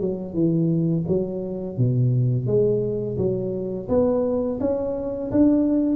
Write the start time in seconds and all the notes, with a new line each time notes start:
0.00 F#3
0.33 E3
1.07 F#3
1.77 B2
2.46 G#3
3.17 F#3
3.88 B3
4.60 C#4
5.31 D4